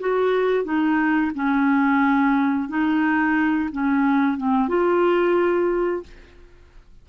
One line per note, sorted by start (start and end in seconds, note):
0.00 0.64 F#4
0.64 1.32 D#4
1.35 2.69 C#4
2.69 3.70 D#4
3.72 4.38 C#4
4.38 4.68 C4
4.68 6.03 F4